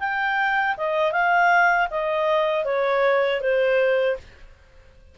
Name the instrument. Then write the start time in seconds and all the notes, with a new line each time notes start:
clarinet
0.00 G5
0.77 D#5
1.13 F5
1.91 D#5
2.65 C#5
3.41 C5